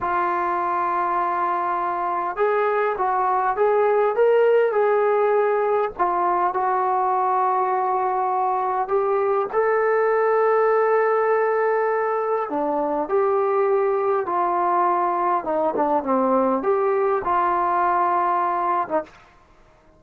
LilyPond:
\new Staff \with { instrumentName = "trombone" } { \time 4/4 \tempo 4 = 101 f'1 | gis'4 fis'4 gis'4 ais'4 | gis'2 f'4 fis'4~ | fis'2. g'4 |
a'1~ | a'4 d'4 g'2 | f'2 dis'8 d'8 c'4 | g'4 f'2~ f'8. dis'16 | }